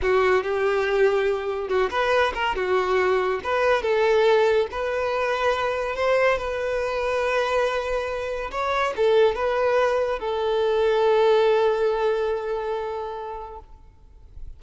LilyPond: \new Staff \with { instrumentName = "violin" } { \time 4/4 \tempo 4 = 141 fis'4 g'2. | fis'8 b'4 ais'8 fis'2 | b'4 a'2 b'4~ | b'2 c''4 b'4~ |
b'1 | cis''4 a'4 b'2 | a'1~ | a'1 | }